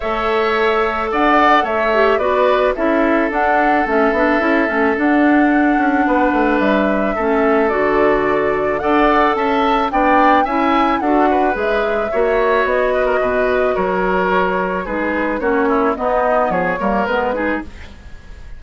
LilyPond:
<<
  \new Staff \with { instrumentName = "flute" } { \time 4/4 \tempo 4 = 109 e''2 fis''4 e''4 | d''4 e''4 fis''4 e''4~ | e''4 fis''2. | e''2 d''2 |
fis''4 a''4 g''4 gis''4 | fis''4 e''2 dis''4~ | dis''4 cis''2 b'4 | cis''4 dis''4 cis''4 b'4 | }
  \new Staff \with { instrumentName = "oboe" } { \time 4/4 cis''2 d''4 cis''4 | b'4 a'2.~ | a'2. b'4~ | b'4 a'2. |
d''4 e''4 d''4 e''4 | a'8 b'4. cis''4. b'16 ais'16 | b'4 ais'2 gis'4 | fis'8 e'8 dis'4 gis'8 ais'4 gis'8 | }
  \new Staff \with { instrumentName = "clarinet" } { \time 4/4 a'2.~ a'8 g'8 | fis'4 e'4 d'4 cis'8 d'8 | e'8 cis'8 d'2.~ | d'4 cis'4 fis'2 |
a'2 d'4 e'4 | fis'4 gis'4 fis'2~ | fis'2. dis'4 | cis'4 b4. ais8 b8 dis'8 | }
  \new Staff \with { instrumentName = "bassoon" } { \time 4/4 a2 d'4 a4 | b4 cis'4 d'4 a8 b8 | cis'8 a8 d'4. cis'8 b8 a8 | g4 a4 d2 |
d'4 cis'4 b4 cis'4 | d'4 gis4 ais4 b4 | b,4 fis2 gis4 | ais4 b4 f8 g8 gis4 | }
>>